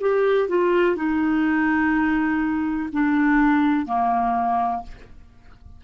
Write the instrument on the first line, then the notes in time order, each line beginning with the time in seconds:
clarinet
0.00 G4
0.48 F4
0.96 D#4
2.92 D4
3.86 A#3